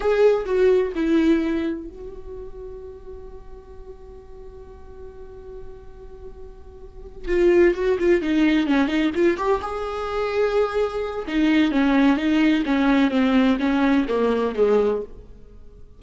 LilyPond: \new Staff \with { instrumentName = "viola" } { \time 4/4 \tempo 4 = 128 gis'4 fis'4 e'2 | fis'1~ | fis'1~ | fis'2.~ fis'8 f'8~ |
f'8 fis'8 f'8 dis'4 cis'8 dis'8 f'8 | g'8 gis'2.~ gis'8 | dis'4 cis'4 dis'4 cis'4 | c'4 cis'4 ais4 gis4 | }